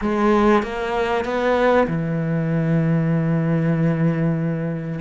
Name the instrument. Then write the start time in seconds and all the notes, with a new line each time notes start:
cello
0.01 G#3
0.62 A#3
1.24 B3
1.88 E3